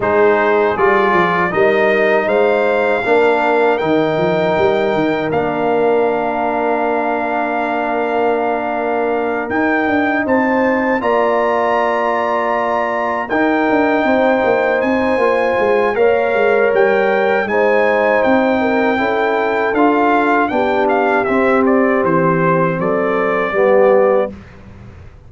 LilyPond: <<
  \new Staff \with { instrumentName = "trumpet" } { \time 4/4 \tempo 4 = 79 c''4 d''4 dis''4 f''4~ | f''4 g''2 f''4~ | f''1~ | f''8 g''4 a''4 ais''4.~ |
ais''4. g''2 gis''8~ | gis''4 f''4 g''4 gis''4 | g''2 f''4 g''8 f''8 | e''8 d''8 c''4 d''2 | }
  \new Staff \with { instrumentName = "horn" } { \time 4/4 gis'2 ais'4 c''4 | ais'1~ | ais'1~ | ais'4. c''4 d''4.~ |
d''4. ais'4 c''4.~ | c''4 cis''2 c''4~ | c''8 ais'8 a'2 g'4~ | g'2 a'4 g'4 | }
  \new Staff \with { instrumentName = "trombone" } { \time 4/4 dis'4 f'4 dis'2 | d'4 dis'2 d'4~ | d'1~ | d'8 dis'2 f'4.~ |
f'4. dis'2~ dis'8 | f'4 ais'2 dis'4~ | dis'4 e'4 f'4 d'4 | c'2. b4 | }
  \new Staff \with { instrumentName = "tuba" } { \time 4/4 gis4 g8 f8 g4 gis4 | ais4 dis8 f8 g8 dis8 ais4~ | ais1~ | ais8 dis'8 d'8 c'4 ais4.~ |
ais4. dis'8 d'8 c'8 ais8 c'8 | ais8 gis8 ais8 gis8 g4 gis4 | c'4 cis'4 d'4 b4 | c'4 e4 fis4 g4 | }
>>